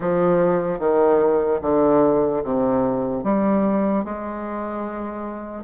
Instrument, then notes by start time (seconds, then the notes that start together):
bassoon
0.00 F3
0.79 D#3
1.61 D3
2.43 C3
3.23 G3
4.04 G#3